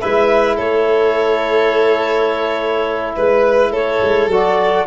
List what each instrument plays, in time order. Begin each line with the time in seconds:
0.00 tuba G#3, trombone E4, violin B4, clarinet E5
0.57 tuba A3, violin A4, clarinet C#5
3.17 tuba G#3, violin B4, clarinet B4
3.72 tuba A3, violin A4, clarinet C#5
4.03 tuba G#3
4.28 tuba F#3, trombone F#4, clarinet D5